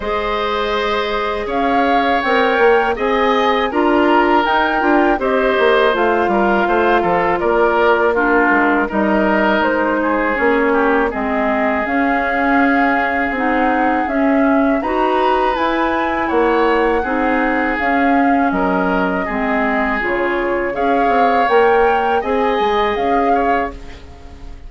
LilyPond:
<<
  \new Staff \with { instrumentName = "flute" } { \time 4/4 \tempo 4 = 81 dis''2 f''4 g''4 | gis''4 ais''4 g''4 dis''4 | f''2 d''4 ais'4 | dis''4 c''4 cis''4 dis''4 |
f''2 fis''4 e''4 | ais''4 gis''4 fis''2 | f''4 dis''2 cis''4 | f''4 g''4 gis''4 f''4 | }
  \new Staff \with { instrumentName = "oboe" } { \time 4/4 c''2 cis''2 | dis''4 ais'2 c''4~ | c''8 ais'8 c''8 a'8 ais'4 f'4 | ais'4. gis'4 g'8 gis'4~ |
gis'1 | b'2 cis''4 gis'4~ | gis'4 ais'4 gis'2 | cis''2 dis''4. cis''8 | }
  \new Staff \with { instrumentName = "clarinet" } { \time 4/4 gis'2. ais'4 | gis'4 f'4 dis'8 f'8 g'4 | f'2. d'4 | dis'2 cis'4 c'4 |
cis'2 dis'4 cis'4 | fis'4 e'2 dis'4 | cis'2 c'4 f'4 | gis'4 ais'4 gis'2 | }
  \new Staff \with { instrumentName = "bassoon" } { \time 4/4 gis2 cis'4 c'8 ais8 | c'4 d'4 dis'8 d'8 c'8 ais8 | a8 g8 a8 f8 ais4. gis8 | g4 gis4 ais4 gis4 |
cis'2 c'4 cis'4 | dis'4 e'4 ais4 c'4 | cis'4 fis4 gis4 cis4 | cis'8 c'8 ais4 c'8 gis8 cis'4 | }
>>